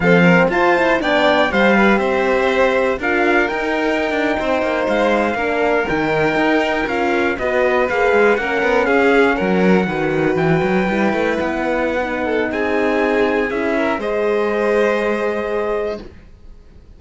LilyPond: <<
  \new Staff \with { instrumentName = "trumpet" } { \time 4/4 \tempo 4 = 120 f''4 a''4 g''4 f''4 | e''2 f''4 g''4~ | g''4.~ g''16 f''2 g''16~ | g''4.~ g''16 f''4 dis''4 f''16~ |
f''8. fis''4 f''4 fis''4~ fis''16~ | fis''8. g''2 fis''4~ fis''16~ | fis''4 gis''2 e''4 | dis''1 | }
  \new Staff \with { instrumentName = "violin" } { \time 4/4 a'8 ais'8 c''4 d''4 c''8 b'8 | c''2 ais'2~ | ais'8. c''2 ais'4~ ais'16~ | ais'2~ ais'8. b'4~ b'16~ |
b'8. ais'4 gis'4 ais'4 b'16~ | b'1~ | b'8 a'8 gis'2~ gis'8 ais'8 | c''1 | }
  \new Staff \with { instrumentName = "horn" } { \time 4/4 c'4 f'8 e'8 d'4 g'4~ | g'2 f'4 dis'4~ | dis'2~ dis'8. d'4 dis'16~ | dis'4.~ dis'16 f'4 fis'4 gis'16~ |
gis'8. cis'2. fis'16~ | fis'4.~ fis'16 e'2~ e'16 | dis'2. e'4 | gis'1 | }
  \new Staff \with { instrumentName = "cello" } { \time 4/4 f4 f'4 b4 g4 | c'2 d'4 dis'4~ | dis'16 d'8 c'8 ais8 gis4 ais4 dis16~ | dis8. dis'4 cis'4 b4 ais16~ |
ais16 gis8 ais8 b8 cis'4 fis4 dis16~ | dis8. e8 fis8 g8 a8 b4~ b16~ | b4 c'2 cis'4 | gis1 | }
>>